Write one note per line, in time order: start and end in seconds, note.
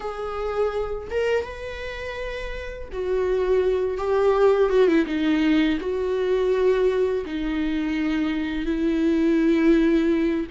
0.00 1.07 G#4
1.10 1.44 A#4
1.44 2.88 B4
2.92 3.97 F#4
3.97 4.69 G4
4.69 4.87 F#4
4.87 5.05 E4
5.06 5.78 D#4
5.80 7.25 F#4
7.25 8.65 D#4
8.65 10.46 E4